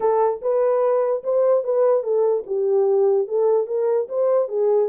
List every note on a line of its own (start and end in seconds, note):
0.00 0.41 A4
0.41 1.23 B4
1.23 1.64 C5
1.64 2.03 B4
2.03 2.43 A4
2.46 3.27 G4
3.27 3.66 A4
3.66 4.07 A#4
4.08 4.48 C5
4.48 4.89 G#4